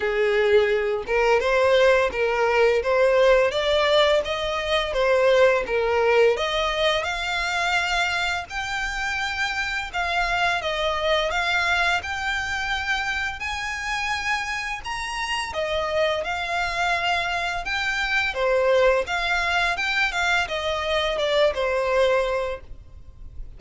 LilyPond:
\new Staff \with { instrumentName = "violin" } { \time 4/4 \tempo 4 = 85 gis'4. ais'8 c''4 ais'4 | c''4 d''4 dis''4 c''4 | ais'4 dis''4 f''2 | g''2 f''4 dis''4 |
f''4 g''2 gis''4~ | gis''4 ais''4 dis''4 f''4~ | f''4 g''4 c''4 f''4 | g''8 f''8 dis''4 d''8 c''4. | }